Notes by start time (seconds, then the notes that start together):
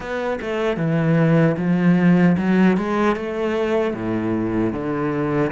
0.00 B3
0.41 A3
0.76 E3
1.57 F3
2.37 F#3
2.77 G#3
3.16 A3
3.94 A2
4.72 D3